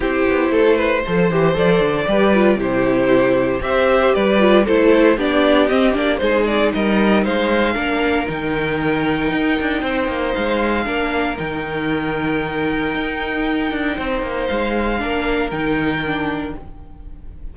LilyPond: <<
  \new Staff \with { instrumentName = "violin" } { \time 4/4 \tempo 4 = 116 c''2. d''4~ | d''4 c''2 e''4 | d''4 c''4 d''4 dis''8 d''8 | c''8 d''8 dis''4 f''2 |
g''1 | f''2 g''2~ | g''1 | f''2 g''2 | }
  \new Staff \with { instrumentName = "violin" } { \time 4/4 g'4 a'8 b'8 c''2 | b'4 g'2 c''4 | b'4 a'4 g'2 | gis'4 ais'4 c''4 ais'4~ |
ais'2. c''4~ | c''4 ais'2.~ | ais'2. c''4~ | c''4 ais'2. | }
  \new Staff \with { instrumentName = "viola" } { \time 4/4 e'2 a'8 g'8 a'4 | g'8 f'8 e'2 g'4~ | g'8 f'8 e'4 d'4 c'8 d'8 | dis'2. d'4 |
dis'1~ | dis'4 d'4 dis'2~ | dis'1~ | dis'4 d'4 dis'4 d'4 | }
  \new Staff \with { instrumentName = "cello" } { \time 4/4 c'8 b8 a4 f8 e8 f8 d8 | g4 c2 c'4 | g4 a4 b4 c'8 ais8 | gis4 g4 gis4 ais4 |
dis2 dis'8 d'8 c'8 ais8 | gis4 ais4 dis2~ | dis4 dis'4. d'8 c'8 ais8 | gis4 ais4 dis2 | }
>>